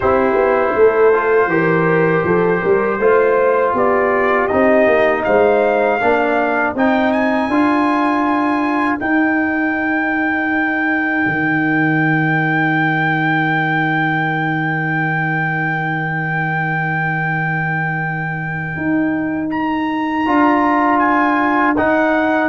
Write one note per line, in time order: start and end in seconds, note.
0.00 0.34 C4
0.00 1.13 E4
0.00 0.74 G4
0.00 3.75 C5
0.34 0.72 B3
0.75 1.47 A3
0.75 1.51 A4
1.13 1.50 F4
1.47 2.22 E3
1.47 3.00 G4
1.47 2.25 A#4
2.24 2.61 F3
2.24 2.61 A4
2.61 2.98 G3
2.61 2.98 A#4
2.98 3.73 A3
2.98 4.50 F4
2.98 3.73 C5
3.73 4.48 B3
3.73 5.23 G4
3.73 4.47 D5
4.47 4.86 C4
4.47 6.00 D#4
4.47 5.22 D#5
4.86 5.24 A#3
5.24 6.01 G#3
5.24 6.01 C5
5.24 6.74 F5
6.00 6.75 A#3
6.00 6.75 D4
6.00 22.49 A#4
6.75 7.48 C4
6.75 7.50 D#4
6.75 7.11 G5
7.11 8.99 G#5
7.48 8.98 D4
7.48 8.99 F4
8.99 20.24 D#4
8.99 11.25 D#4
8.99 19.49 G5
11.26 18.76 D#3
18.76 20.26 D#4
19.50 20.99 A#5
20.26 21.77 D4
20.26 21.76 F4
20.99 21.74 G#5
21.76 22.49 D#4
21.76 22.49 F#5